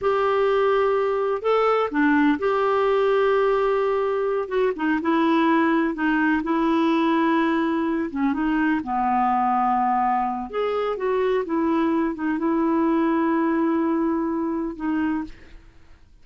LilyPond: \new Staff \with { instrumentName = "clarinet" } { \time 4/4 \tempo 4 = 126 g'2. a'4 | d'4 g'2.~ | g'4. fis'8 dis'8 e'4.~ | e'8 dis'4 e'2~ e'8~ |
e'4 cis'8 dis'4 b4.~ | b2 gis'4 fis'4 | e'4. dis'8 e'2~ | e'2. dis'4 | }